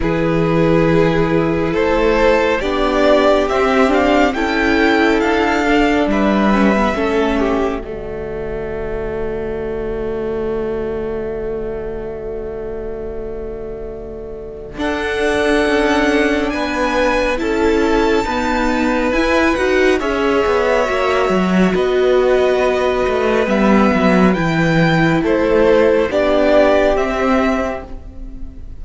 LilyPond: <<
  \new Staff \with { instrumentName = "violin" } { \time 4/4 \tempo 4 = 69 b'2 c''4 d''4 | e''8 f''8 g''4 f''4 e''4~ | e''4 d''2.~ | d''1~ |
d''4 fis''2 gis''4 | a''2 gis''8 fis''8 e''4~ | e''4 dis''2 e''4 | g''4 c''4 d''4 e''4 | }
  \new Staff \with { instrumentName = "violin" } { \time 4/4 gis'2 a'4 g'4~ | g'4 a'2 b'4 | a'8 g'8 fis'2.~ | fis'1~ |
fis'4 a'2 b'4 | a'4 b'2 cis''4~ | cis''4 b'2.~ | b'4 a'4 g'2 | }
  \new Staff \with { instrumentName = "viola" } { \time 4/4 e'2. d'4 | c'8 d'8 e'4. d'4 cis'16 b16 | cis'4 a2.~ | a1~ |
a4 d'2. | e'4 b4 e'8 fis'8 gis'4 | fis'2. b4 | e'2 d'4 c'4 | }
  \new Staff \with { instrumentName = "cello" } { \time 4/4 e2 a4 b4 | c'4 cis'4 d'4 g4 | a4 d2.~ | d1~ |
d4 d'4 cis'4 b4 | cis'4 dis'4 e'8 dis'8 cis'8 b8 | ais8 fis8 b4. a8 g8 fis8 | e4 a4 b4 c'4 | }
>>